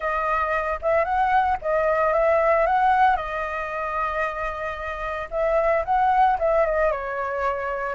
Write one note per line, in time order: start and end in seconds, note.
0.00 0.79 D#5
0.82 1.04 E5
1.04 1.57 F#5
1.61 2.13 D#5
2.13 2.66 E5
2.66 3.16 F#5
3.16 5.28 D#5
5.30 5.84 E5
5.84 6.37 F#5
6.39 6.65 E5
6.65 6.91 D#5
6.91 7.94 C#5